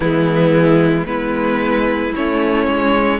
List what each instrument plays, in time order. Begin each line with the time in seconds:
0.00 cello E3, viola G#3, violin B3 E4
1.05 cello G#3, viola B3, violin E4 B4
2.15 cello A3, viola C#4, violin C#5
2.67 cello G#3